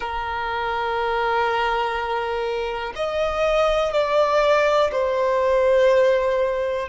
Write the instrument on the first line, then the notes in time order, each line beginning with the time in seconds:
violin
0.00 A#4
2.95 D#5
3.92 D5
4.92 C5